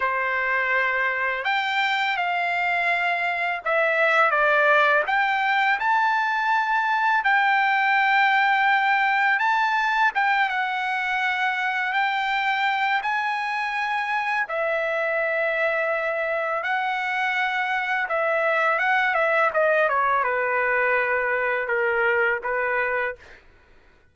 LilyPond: \new Staff \with { instrumentName = "trumpet" } { \time 4/4 \tempo 4 = 83 c''2 g''4 f''4~ | f''4 e''4 d''4 g''4 | a''2 g''2~ | g''4 a''4 g''8 fis''4.~ |
fis''8 g''4. gis''2 | e''2. fis''4~ | fis''4 e''4 fis''8 e''8 dis''8 cis''8 | b'2 ais'4 b'4 | }